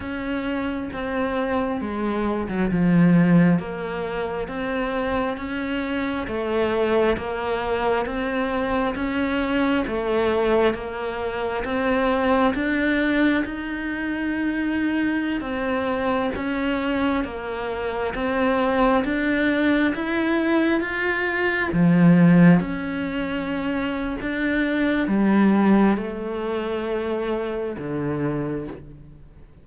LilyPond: \new Staff \with { instrumentName = "cello" } { \time 4/4 \tempo 4 = 67 cis'4 c'4 gis8. fis16 f4 | ais4 c'4 cis'4 a4 | ais4 c'4 cis'4 a4 | ais4 c'4 d'4 dis'4~ |
dis'4~ dis'16 c'4 cis'4 ais8.~ | ais16 c'4 d'4 e'4 f'8.~ | f'16 f4 cis'4.~ cis'16 d'4 | g4 a2 d4 | }